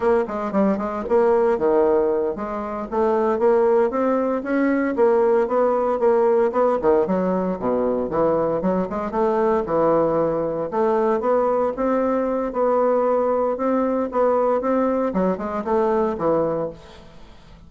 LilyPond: \new Staff \with { instrumentName = "bassoon" } { \time 4/4 \tempo 4 = 115 ais8 gis8 g8 gis8 ais4 dis4~ | dis8 gis4 a4 ais4 c'8~ | c'8 cis'4 ais4 b4 ais8~ | ais8 b8 dis8 fis4 b,4 e8~ |
e8 fis8 gis8 a4 e4.~ | e8 a4 b4 c'4. | b2 c'4 b4 | c'4 fis8 gis8 a4 e4 | }